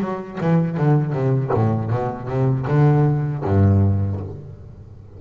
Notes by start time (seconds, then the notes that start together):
0.00 F#3
0.40 E3
0.77 D3
1.12 C3
1.53 A2
1.90 B2
2.28 C3
2.67 D3
3.44 G2